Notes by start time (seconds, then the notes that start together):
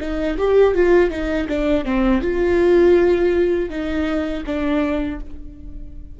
0.00 D#4
0.37 G4
0.74 F4
1.10 D#4
1.48 D4
1.85 C4
2.22 F4
3.69 D#4
4.46 D4